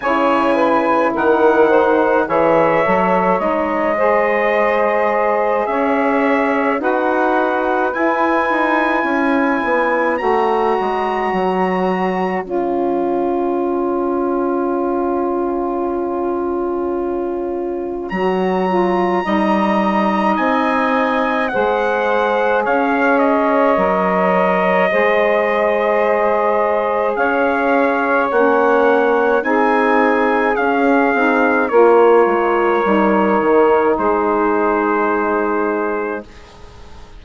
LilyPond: <<
  \new Staff \with { instrumentName = "trumpet" } { \time 4/4 \tempo 4 = 53 gis''4 fis''4 e''4 dis''4~ | dis''4 e''4 fis''4 gis''4~ | gis''4 ais''2 gis''4~ | gis''1 |
ais''2 gis''4 fis''4 | f''8 dis''2.~ dis''8 | f''4 fis''4 gis''4 f''4 | cis''2 c''2 | }
  \new Staff \with { instrumentName = "saxophone" } { \time 4/4 cis''8 b'8 ais'8 c''8 cis''4. c''8~ | c''4 cis''4 b'2 | cis''1~ | cis''1~ |
cis''4 dis''2 c''4 | cis''2 c''2 | cis''2 gis'2 | ais'2 gis'2 | }
  \new Staff \with { instrumentName = "saxophone" } { \time 4/4 e'4. dis'8 gis'8 a'8 dis'8 gis'8~ | gis'2 fis'4 e'4~ | e'4 fis'2 f'4~ | f'1 |
fis'8 f'8 dis'2 gis'4~ | gis'4 ais'4 gis'2~ | gis'4 cis'4 dis'4 cis'8 dis'8 | f'4 dis'2. | }
  \new Staff \with { instrumentName = "bassoon" } { \time 4/4 cis4 dis4 e8 fis8 gis4~ | gis4 cis'4 dis'4 e'8 dis'8 | cis'8 b8 a8 gis8 fis4 cis'4~ | cis'1 |
fis4 g4 c'4 gis4 | cis'4 fis4 gis2 | cis'4 ais4 c'4 cis'8 c'8 | ais8 gis8 g8 dis8 gis2 | }
>>